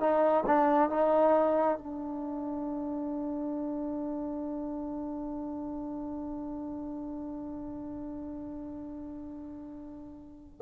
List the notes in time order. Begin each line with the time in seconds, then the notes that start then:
0.00 D#4
0.47 D4
0.90 D#4
1.78 D4